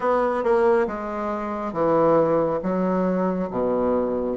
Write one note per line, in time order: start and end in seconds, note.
0.00 0.43 B3
0.43 0.87 A#3
0.87 1.72 G#3
1.72 2.59 E3
2.62 3.49 F#3
3.50 4.37 B2